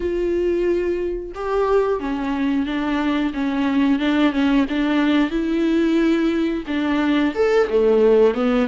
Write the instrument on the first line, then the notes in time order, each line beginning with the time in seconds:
viola
0.00 F4
1.35 G4
2.00 C#4
2.65 D4
3.33 C#4
3.99 D4
4.32 C#4
4.68 D4
5.30 E4
6.67 D4
7.34 A4
7.69 A3
8.34 B3